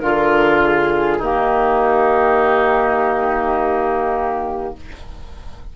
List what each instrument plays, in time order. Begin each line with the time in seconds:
0.00 bassoon D3, oboe F4, clarinet F4, flute A#4
0.63 flute G#4
1.18 bassoon D#3, clarinet A#3, oboe D#4, flute G4